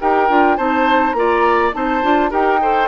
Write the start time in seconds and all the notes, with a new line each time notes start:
0.00 D#4 G4 A#4 G5
0.28 D4 F4
0.56 C4 D#4 C5 A5
1.12 A#3 F4 A#5
1.18 D5
1.72 C4 D#4 C5 A5
2.02 D4 F4
2.30 D#4 G4 A#4 G5
2.61 A4 C5